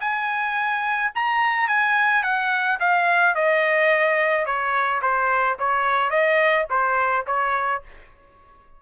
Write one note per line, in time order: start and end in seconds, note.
0.00 1.11 G#5
1.15 1.68 A#5
1.68 2.23 G#5
2.23 2.78 F#5
2.80 3.35 F5
3.35 4.45 D#5
4.45 5.01 C#5
5.02 5.57 C5
5.59 6.10 C#5
6.10 6.66 D#5
6.69 7.25 C5
7.27 7.82 C#5